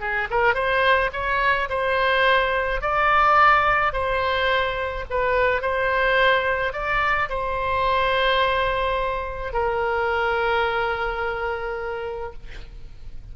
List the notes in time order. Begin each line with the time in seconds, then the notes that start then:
0.00 G#4
0.30 A#4
0.54 C5
1.13 C#5
1.69 C5
2.81 D5
3.93 C5
5.10 B4
5.61 C5
6.73 D5
7.29 C5
9.53 A#4